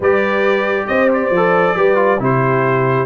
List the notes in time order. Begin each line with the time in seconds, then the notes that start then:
0.00 G3 G4 B4 D5
0.86 C4 C5 D#5
1.13 D5
1.30 F3
1.36 A4
1.75 G3 G4 B4
1.95 F4
2.19 C3 E4 G4 C5